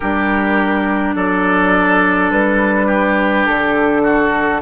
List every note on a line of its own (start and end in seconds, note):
0.00 1.15 G3
0.00 4.61 D4
0.00 1.15 G4
0.00 1.15 A#4
1.15 2.31 F#3
1.15 2.86 A4
1.15 2.31 D5
2.31 3.46 G3
2.31 3.46 B4
2.86 4.01 G4
3.46 4.61 D3
3.46 4.61 A4
4.03 4.61 F#4